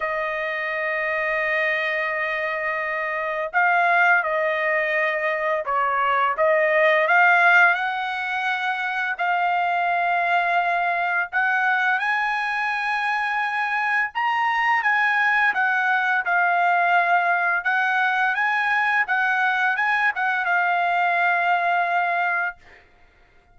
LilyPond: \new Staff \with { instrumentName = "trumpet" } { \time 4/4 \tempo 4 = 85 dis''1~ | dis''4 f''4 dis''2 | cis''4 dis''4 f''4 fis''4~ | fis''4 f''2. |
fis''4 gis''2. | ais''4 gis''4 fis''4 f''4~ | f''4 fis''4 gis''4 fis''4 | gis''8 fis''8 f''2. | }